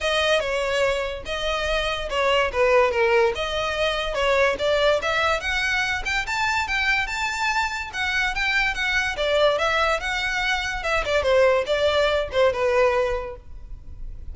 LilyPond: \new Staff \with { instrumentName = "violin" } { \time 4/4 \tempo 4 = 144 dis''4 cis''2 dis''4~ | dis''4 cis''4 b'4 ais'4 | dis''2 cis''4 d''4 | e''4 fis''4. g''8 a''4 |
g''4 a''2 fis''4 | g''4 fis''4 d''4 e''4 | fis''2 e''8 d''8 c''4 | d''4. c''8 b'2 | }